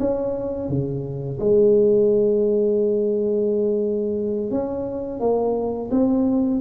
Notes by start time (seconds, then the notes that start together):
0.00 C#4
0.69 C#3
1.40 G#3
4.51 C#4
5.20 A#3
5.91 C4